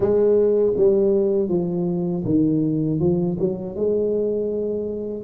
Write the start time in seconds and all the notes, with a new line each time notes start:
0.00 G#3
0.76 G3
1.48 F3
2.25 D#3
2.99 F3
3.39 F#3
3.75 G#3